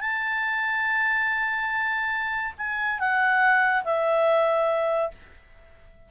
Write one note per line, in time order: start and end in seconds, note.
0.00 2.54 A5
2.58 2.99 G#5
2.99 3.84 F#5
3.84 5.11 E5